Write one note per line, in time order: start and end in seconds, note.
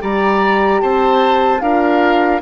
0.00 0.81 G3
0.00 1.60 G4
0.00 0.81 D5
0.00 0.81 A#5
0.81 1.61 C4
0.81 1.62 C5
0.81 1.60 A5
1.60 2.41 D4
1.60 2.41 F4
1.60 2.41 A#4
1.60 2.40 F5